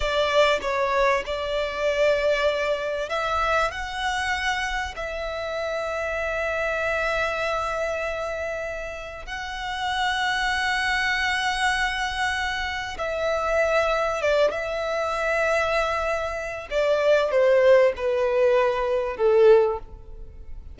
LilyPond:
\new Staff \with { instrumentName = "violin" } { \time 4/4 \tempo 4 = 97 d''4 cis''4 d''2~ | d''4 e''4 fis''2 | e''1~ | e''2. fis''4~ |
fis''1~ | fis''4 e''2 d''8 e''8~ | e''2. d''4 | c''4 b'2 a'4 | }